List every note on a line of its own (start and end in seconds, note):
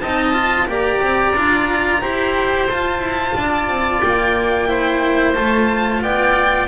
0.00 0.68 C4
0.00 0.68 D#5
0.00 0.67 A5
0.06 0.34 D#4
0.34 0.67 F4
0.68 1.01 A#3
0.68 1.34 G4
0.68 2.02 D5
0.68 2.69 A#5
1.01 1.33 C4
1.33 2.00 D4
1.33 2.01 F4
2.01 2.69 E4
2.01 2.68 G4
2.01 3.35 C5
2.69 4.67 F4
2.69 3.00 F4
2.69 4.00 A5
3.00 3.33 E4
3.36 3.68 D4
3.36 4.69 D5
3.68 4.01 C4
4.00 5.36 A#3
4.00 5.34 G5
4.67 5.34 E4
4.67 6.02 C5
5.34 6.02 A3
5.34 6.68 F4
5.34 6.01 A5
6.02 6.68 B3
6.02 6.68 D5
6.02 6.68 G5